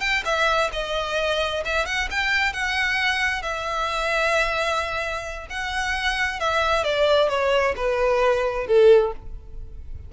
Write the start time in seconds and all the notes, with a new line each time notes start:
0.00 G5
0.25 E5
0.72 D#5
1.65 E5
1.86 F#5
2.11 G5
2.53 F#5
3.42 E5
5.50 F#5
6.39 E5
6.83 D5
7.29 C#5
7.76 B4
8.67 A4